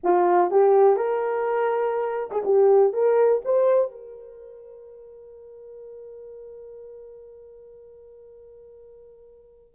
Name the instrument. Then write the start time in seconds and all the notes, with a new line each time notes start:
horn
0.03 F4
0.50 G4
0.96 A#4
2.31 G#4
2.44 G4
2.93 A#4
3.44 C5
3.91 A#4